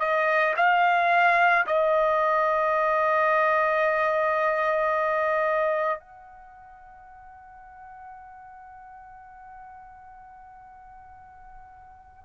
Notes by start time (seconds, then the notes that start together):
0.00 D#5
0.57 F5
1.67 D#5
6.00 F#5